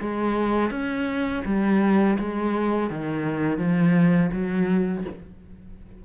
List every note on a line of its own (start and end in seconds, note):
0.00 0.70 G#3
0.70 1.43 C#4
1.45 2.17 G3
2.19 2.90 G#3
2.90 3.58 D#3
3.58 4.30 F3
4.32 5.04 F#3